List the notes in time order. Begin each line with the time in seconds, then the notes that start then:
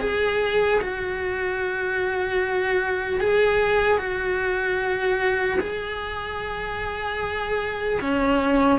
0.00 G#4
0.81 F#4
3.20 G#4
3.98 F#4
5.60 G#4
8.00 C#4